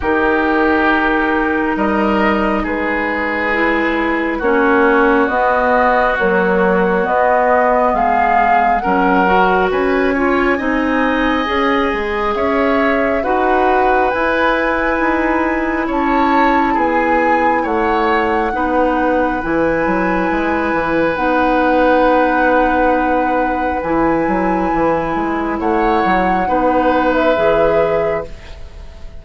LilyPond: <<
  \new Staff \with { instrumentName = "flute" } { \time 4/4 \tempo 4 = 68 ais'2 dis''4 b'4~ | b'4 cis''4 dis''4 cis''4 | dis''4 f''4 fis''4 gis''4~ | gis''2 e''4 fis''4 |
gis''2 a''4 gis''4 | fis''2 gis''2 | fis''2. gis''4~ | gis''4 fis''4.~ fis''16 e''4~ e''16 | }
  \new Staff \with { instrumentName = "oboe" } { \time 4/4 g'2 ais'4 gis'4~ | gis'4 fis'2.~ | fis'4 gis'4 ais'4 b'8 cis''8 | dis''2 cis''4 b'4~ |
b'2 cis''4 gis'4 | cis''4 b'2.~ | b'1~ | b'4 cis''4 b'2 | }
  \new Staff \with { instrumentName = "clarinet" } { \time 4/4 dis'1 | e'4 cis'4 b4 fis4 | b2 cis'8 fis'4 f'8 | dis'4 gis'2 fis'4 |
e'1~ | e'4 dis'4 e'2 | dis'2. e'4~ | e'2 dis'4 gis'4 | }
  \new Staff \with { instrumentName = "bassoon" } { \time 4/4 dis2 g4 gis4~ | gis4 ais4 b4 ais4 | b4 gis4 fis4 cis'4 | c'4 cis'8 gis8 cis'4 dis'4 |
e'4 dis'4 cis'4 b4 | a4 b4 e8 fis8 gis8 e8 | b2. e8 fis8 | e8 gis8 a8 fis8 b4 e4 | }
>>